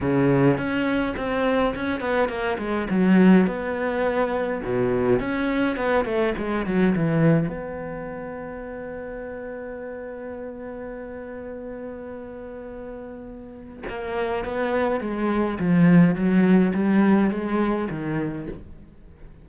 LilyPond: \new Staff \with { instrumentName = "cello" } { \time 4/4 \tempo 4 = 104 cis4 cis'4 c'4 cis'8 b8 | ais8 gis8 fis4 b2 | b,4 cis'4 b8 a8 gis8 fis8 | e4 b2.~ |
b1~ | b1 | ais4 b4 gis4 f4 | fis4 g4 gis4 dis4 | }